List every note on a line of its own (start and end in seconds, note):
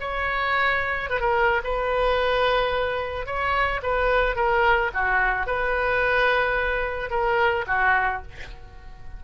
0.00 1.10 C#5
1.10 1.20 B4
1.20 1.61 A#4
1.64 3.26 B4
3.26 3.81 C#5
3.83 4.36 B4
4.36 4.91 A#4
4.94 5.47 F#4
5.47 7.10 B4
7.10 7.65 A#4
7.67 8.22 F#4